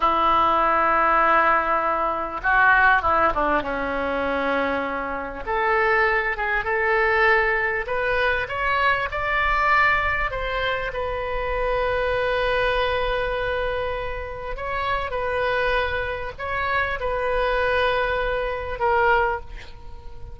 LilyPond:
\new Staff \with { instrumentName = "oboe" } { \time 4/4 \tempo 4 = 99 e'1 | fis'4 e'8 d'8 cis'2~ | cis'4 a'4. gis'8 a'4~ | a'4 b'4 cis''4 d''4~ |
d''4 c''4 b'2~ | b'1 | cis''4 b'2 cis''4 | b'2. ais'4 | }